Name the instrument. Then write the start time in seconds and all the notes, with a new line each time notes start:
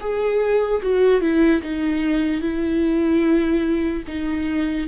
viola
0.00 G#4
0.82 F#4
1.21 E4
1.61 D#4
2.41 E4
4.07 D#4